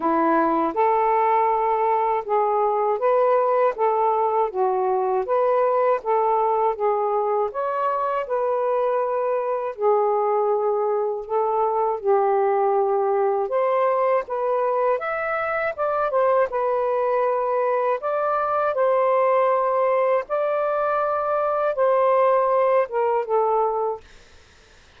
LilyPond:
\new Staff \with { instrumentName = "saxophone" } { \time 4/4 \tempo 4 = 80 e'4 a'2 gis'4 | b'4 a'4 fis'4 b'4 | a'4 gis'4 cis''4 b'4~ | b'4 gis'2 a'4 |
g'2 c''4 b'4 | e''4 d''8 c''8 b'2 | d''4 c''2 d''4~ | d''4 c''4. ais'8 a'4 | }